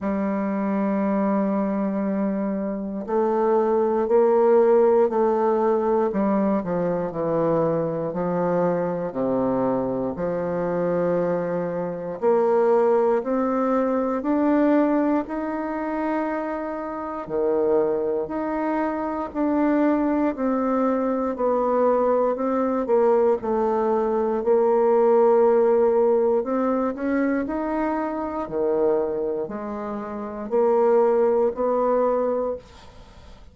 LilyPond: \new Staff \with { instrumentName = "bassoon" } { \time 4/4 \tempo 4 = 59 g2. a4 | ais4 a4 g8 f8 e4 | f4 c4 f2 | ais4 c'4 d'4 dis'4~ |
dis'4 dis4 dis'4 d'4 | c'4 b4 c'8 ais8 a4 | ais2 c'8 cis'8 dis'4 | dis4 gis4 ais4 b4 | }